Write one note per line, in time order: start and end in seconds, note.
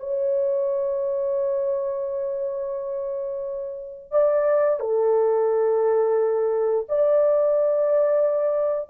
0.00 4.11 C#5
4.11 4.80 D5
4.80 6.87 A4
6.89 8.90 D5